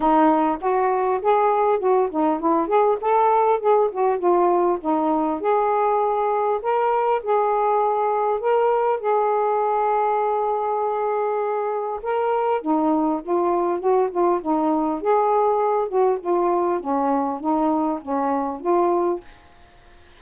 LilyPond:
\new Staff \with { instrumentName = "saxophone" } { \time 4/4 \tempo 4 = 100 dis'4 fis'4 gis'4 fis'8 dis'8 | e'8 gis'8 a'4 gis'8 fis'8 f'4 | dis'4 gis'2 ais'4 | gis'2 ais'4 gis'4~ |
gis'1 | ais'4 dis'4 f'4 fis'8 f'8 | dis'4 gis'4. fis'8 f'4 | cis'4 dis'4 cis'4 f'4 | }